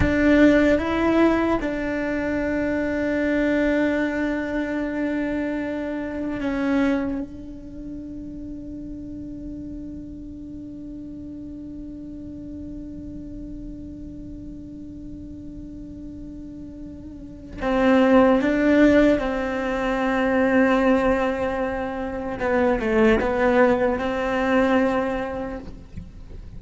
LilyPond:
\new Staff \with { instrumentName = "cello" } { \time 4/4 \tempo 4 = 75 d'4 e'4 d'2~ | d'1 | cis'4 d'2.~ | d'1~ |
d'1~ | d'2 c'4 d'4 | c'1 | b8 a8 b4 c'2 | }